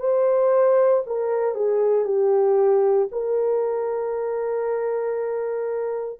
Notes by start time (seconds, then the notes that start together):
0.00 C5
1.07 A#4
1.55 G#4
2.05 G4
3.12 A#4